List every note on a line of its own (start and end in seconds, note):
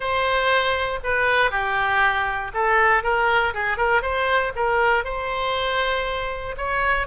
0.00 0.99 C5
1.03 1.50 B4
1.50 2.51 G4
2.53 3.03 A4
3.03 3.53 A#4
3.53 3.77 G#4
3.77 4.02 A#4
4.02 4.52 C5
4.55 5.04 A#4
5.04 6.55 C5
6.57 7.07 C#5